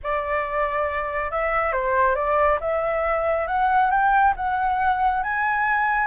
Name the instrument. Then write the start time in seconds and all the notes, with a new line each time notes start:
flute
0.03 D5
1.31 E5
1.72 C5
2.15 D5
2.60 E5
3.47 F#5
3.90 G5
4.36 F#5
5.23 G#5